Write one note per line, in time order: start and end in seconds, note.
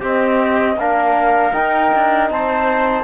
0.00 0.77 C4
0.00 0.76 G4
0.00 0.79 D#5
0.77 1.53 A#3
0.77 1.52 D4
0.77 2.32 A#4
0.77 1.53 F5
1.52 3.04 D#4
1.52 1.92 D#4
1.52 2.29 G5
1.95 2.30 D4
2.30 3.04 C4
2.30 3.04 C5
2.30 3.04 A5